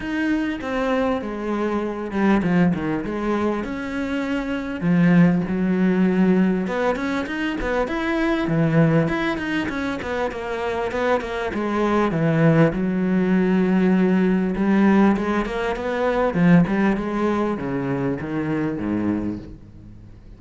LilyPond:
\new Staff \with { instrumentName = "cello" } { \time 4/4 \tempo 4 = 99 dis'4 c'4 gis4. g8 | f8 dis8 gis4 cis'2 | f4 fis2 b8 cis'8 | dis'8 b8 e'4 e4 e'8 dis'8 |
cis'8 b8 ais4 b8 ais8 gis4 | e4 fis2. | g4 gis8 ais8 b4 f8 g8 | gis4 cis4 dis4 gis,4 | }